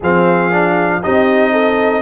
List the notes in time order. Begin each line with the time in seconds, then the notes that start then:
0.00 F3 C4 G#4 F5
0.51 D4
1.03 C4 D#4 G4 D#5
1.52 A4